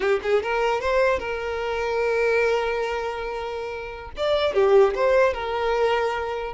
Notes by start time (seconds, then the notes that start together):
0.00 G4
0.22 G#4
0.42 A#4
0.80 C5
1.19 A#4
4.17 D5
4.54 G4
4.94 C5
5.33 A#4